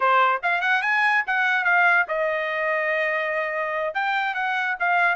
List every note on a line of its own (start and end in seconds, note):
0.00 0.41 C5
0.43 0.61 F5
0.61 0.81 F#5
0.82 1.23 G#5
1.26 1.64 F#5
1.64 2.05 F5
2.08 3.94 D#5
3.94 4.34 G5
4.34 4.75 F#5
4.79 5.15 F5